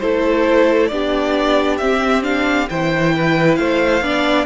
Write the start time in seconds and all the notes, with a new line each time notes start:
0.00 A3 E4 A4 C5
0.87 B3 D4 G4 D5
1.78 C4 E5
2.23 D4 F5
2.70 E3 E4 C5 G5
3.16 B4
3.56 A3 C5 F5
4.02 B3 D4 D5